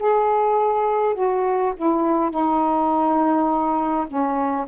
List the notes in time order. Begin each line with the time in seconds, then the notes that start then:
0.00 G#4
1.15 F#4
1.77 E4
2.31 D#4
4.07 C#4